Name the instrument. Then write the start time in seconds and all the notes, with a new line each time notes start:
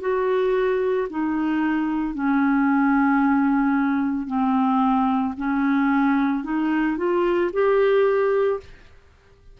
clarinet
0.00 F#4
1.10 D#4
2.14 C#4
4.27 C4
5.37 C#4
6.43 D#4
6.97 F4
7.52 G4